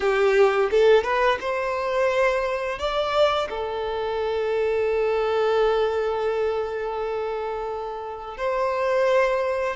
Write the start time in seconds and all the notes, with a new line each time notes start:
0.00 G4
0.70 A4
1.03 B4
1.40 C5
2.78 D5
3.49 A4
8.37 C5